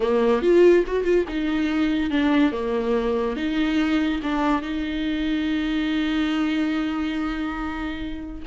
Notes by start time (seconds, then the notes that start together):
0.00 A#3
0.41 F4
0.86 F#4
1.04 F4
1.28 D#4
2.10 D4
2.52 A#3
3.36 D#4
4.22 D4
4.62 D#4